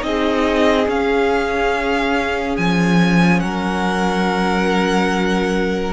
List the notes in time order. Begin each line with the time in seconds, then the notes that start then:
0.00 C4 D#4 G#4 D#5
0.88 C#4 F5
2.57 F3 G#5
3.40 F#3 A#4 F#5